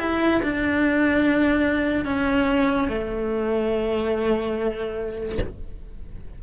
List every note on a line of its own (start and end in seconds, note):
0.00 0.42 E4
0.43 2.05 D4
2.05 2.89 C#4
2.89 5.39 A3